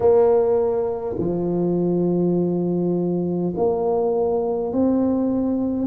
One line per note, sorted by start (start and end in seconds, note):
0.00 1.16 A#3
1.18 3.53 F3
3.56 4.72 A#3
4.72 5.86 C4